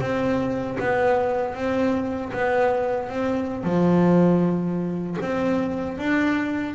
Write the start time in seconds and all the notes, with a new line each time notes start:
0.00 C4
0.79 B3
1.55 C4
2.33 B3
3.09 C4
3.63 F3
5.21 C4
5.98 D4